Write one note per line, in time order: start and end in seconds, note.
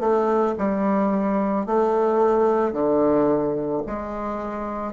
0.00 0.55 A3
0.59 1.66 G3
1.66 2.73 A3
2.73 3.82 D3
3.87 4.93 G#3